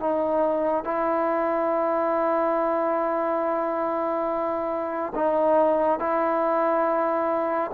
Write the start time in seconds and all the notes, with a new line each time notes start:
0.00 D#4
0.85 E4
5.15 D#4
6.00 E4